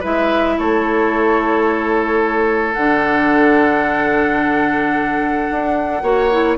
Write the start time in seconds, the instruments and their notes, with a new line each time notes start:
0.00 bassoon G#3, clarinet E4, oboe B4, flute E5
0.58 bassoon A3, oboe A4, flute C#5
2.73 bassoon D3, clarinet D4, flute F#5
5.51 bassoon D4
6.02 bassoon A#3, clarinet F#4, oboe C#5
6.31 clarinet E4